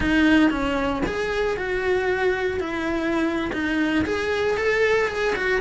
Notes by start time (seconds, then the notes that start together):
0.00 D#4
0.50 C#4
1.06 G#4
1.56 F#4
2.59 E4
3.52 D#4
4.05 G#4
4.57 A4
5.08 G#4
5.35 F#4